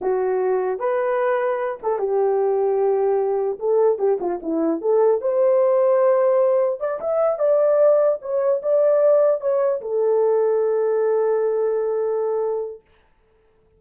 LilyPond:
\new Staff \with { instrumentName = "horn" } { \time 4/4 \tempo 4 = 150 fis'2 b'2~ | b'8 a'8 g'2.~ | g'4 a'4 g'8 f'8 e'4 | a'4 c''2.~ |
c''4 d''8 e''4 d''4.~ | d''8 cis''4 d''2 cis''8~ | cis''8 a'2.~ a'8~ | a'1 | }